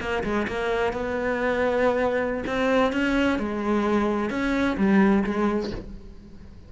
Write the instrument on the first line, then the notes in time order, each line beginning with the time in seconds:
cello
0.00 A#3
0.24 G#3
0.48 A#3
0.93 B3
2.47 C4
2.93 C#4
3.39 G#3
4.30 C#4
4.77 G3
5.24 G#3